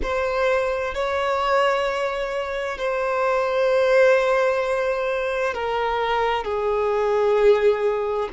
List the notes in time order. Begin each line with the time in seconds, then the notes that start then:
0.02 C5
0.94 C#5
2.78 C5
5.53 A#4
6.44 G#4